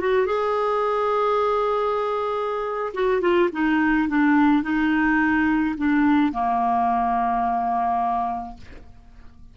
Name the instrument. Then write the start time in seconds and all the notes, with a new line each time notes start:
clarinet
0.00 F#4
0.26 G#4
2.94 F#4
3.21 F4
3.52 D#4
4.08 D4
4.63 D#4
5.77 D4
6.32 A#3